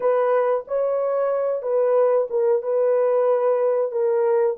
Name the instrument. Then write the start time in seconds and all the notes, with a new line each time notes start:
horn
0.00 B4
0.67 C#5
1.62 B4
2.30 A#4
2.62 B4
3.91 A#4